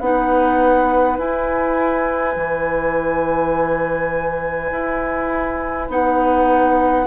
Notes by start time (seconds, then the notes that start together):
0.00 B3 D#4 B4 F#5
1.18 E4 G#5
2.36 E3
4.72 E4
5.89 B3 D#4 F#5